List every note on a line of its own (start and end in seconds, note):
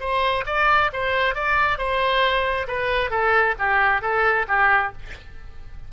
0.00 0.44 C5
0.46 0.91 D5
0.93 1.35 C5
1.35 1.78 D5
1.78 2.67 C5
2.68 3.10 B4
3.10 3.55 A4
3.59 4.02 G4
4.02 4.46 A4
4.48 4.92 G4